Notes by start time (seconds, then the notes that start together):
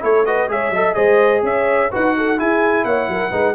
0.00 A3 E4 A4 C#5
0.26 F#4 B4 D#5
0.49 G#3 G#4 C#5 E5
0.70 F#3 A4 D#5
0.94 G#3 G#4 C5 D#5
1.43 C#4 C#5 E5
1.92 D#4 F#4 B4 F#5
2.17 A4
2.38 E4 G#4 G#5
2.85 A#3 C#5 F#5
3.08 F#3 A#4
3.30 G#3 D#4 B4